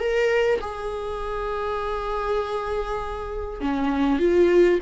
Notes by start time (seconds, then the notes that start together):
0.00 A#4
0.61 G#4
3.61 C#4
4.19 F4